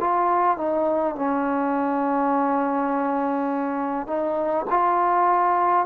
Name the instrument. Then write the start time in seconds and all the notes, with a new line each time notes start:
trombone
0.00 F4
0.57 D#4
1.16 C#4
4.07 D#4
4.70 F4